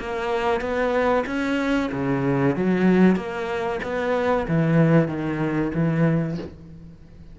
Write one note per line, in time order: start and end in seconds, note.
0.00 0.61 A#3
0.61 1.25 B3
1.26 1.90 C#4
1.93 2.56 C#3
2.56 3.16 F#3
3.16 3.80 A#3
3.83 4.47 B3
4.48 5.08 E3
5.08 5.72 D#3
5.74 6.38 E3